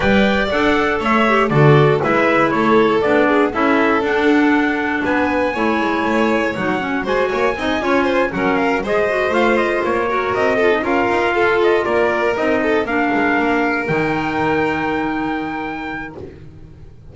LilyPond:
<<
  \new Staff \with { instrumentName = "trumpet" } { \time 4/4 \tempo 4 = 119 g''4 fis''4 e''4 d''4 | e''4 cis''4 d''4 e''4 | fis''2 gis''2~ | gis''4 fis''4 gis''2~ |
gis''8 fis''8 f''8 dis''4 f''8 dis''8 cis''8~ | cis''8 dis''4 f''4. dis''8 d''8~ | d''8 dis''4 f''2 g''8~ | g''1 | }
  \new Staff \with { instrumentName = "violin" } { \time 4/4 d''2 cis''4 a'4 | b'4 a'4. gis'8 a'4~ | a'2 b'4 cis''4~ | cis''2 c''8 cis''8 dis''8 cis''8 |
c''8 ais'4 c''2~ c''8 | ais'4 a'8 ais'4 a'4 ais'8~ | ais'4 a'8 ais'2~ ais'8~ | ais'1 | }
  \new Staff \with { instrumentName = "clarinet" } { \time 4/4 b'4 a'4. g'8 fis'4 | e'2 d'4 e'4 | d'2. e'4~ | e'4 dis'8 cis'8 fis'4 dis'8 f'8~ |
f'8 cis'4 gis'8 fis'8 f'4. | fis'4 f'16 dis'16 f'2~ f'8~ | f'8 dis'4 d'2 dis'8~ | dis'1 | }
  \new Staff \with { instrumentName = "double bass" } { \time 4/4 g4 d'4 a4 d4 | gis4 a4 b4 cis'4 | d'2 b4 a8 gis8 | a4 fis4 gis8 ais8 c'8 cis'8~ |
cis'8 fis4 gis4 a4 ais8~ | ais8 c'4 cis'8 dis'8 f'4 ais8~ | ais8 c'4 ais8 gis8 ais4 dis8~ | dis1 | }
>>